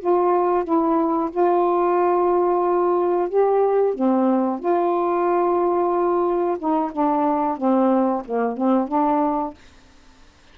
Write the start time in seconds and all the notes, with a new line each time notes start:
0.00 F4
0.65 E4
1.32 F4
3.29 G4
3.95 C4
4.60 F4
6.59 D#4
6.93 D4
7.58 C4
8.25 A#3
8.57 C4
8.88 D4